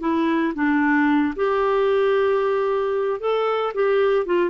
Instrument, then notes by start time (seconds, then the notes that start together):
clarinet
0.00 E4
0.54 D4
1.35 G4
3.20 A4
3.74 G4
4.25 F4